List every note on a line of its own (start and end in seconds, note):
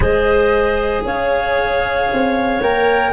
0.00 1.03 G#3
0.00 2.60 G#4
0.00 1.05 C5
0.00 1.03 D#5
1.04 2.09 C#4
1.04 3.13 C#5
1.04 2.62 F5
2.12 2.60 C4
2.60 3.13 A#3
2.60 3.13 A#4
2.60 3.13 G5